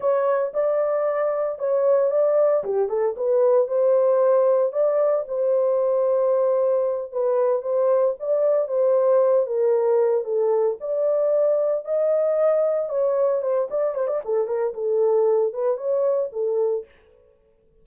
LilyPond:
\new Staff \with { instrumentName = "horn" } { \time 4/4 \tempo 4 = 114 cis''4 d''2 cis''4 | d''4 g'8 a'8 b'4 c''4~ | c''4 d''4 c''2~ | c''4. b'4 c''4 d''8~ |
d''8 c''4. ais'4. a'8~ | a'8 d''2 dis''4.~ | dis''8 cis''4 c''8 d''8 c''16 d''16 a'8 ais'8 | a'4. b'8 cis''4 a'4 | }